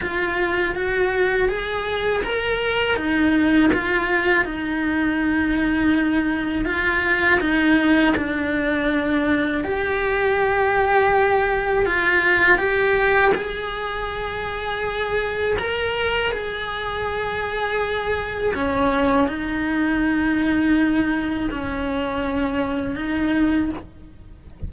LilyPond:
\new Staff \with { instrumentName = "cello" } { \time 4/4 \tempo 4 = 81 f'4 fis'4 gis'4 ais'4 | dis'4 f'4 dis'2~ | dis'4 f'4 dis'4 d'4~ | d'4 g'2. |
f'4 g'4 gis'2~ | gis'4 ais'4 gis'2~ | gis'4 cis'4 dis'2~ | dis'4 cis'2 dis'4 | }